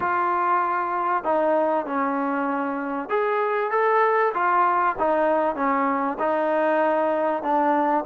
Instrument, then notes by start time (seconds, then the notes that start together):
trombone
0.00 F4
1.24 D#4
1.86 C#4
3.09 G#4
3.70 A4
4.34 F4
4.98 D#4
5.55 C#4
6.19 D#4
7.43 D4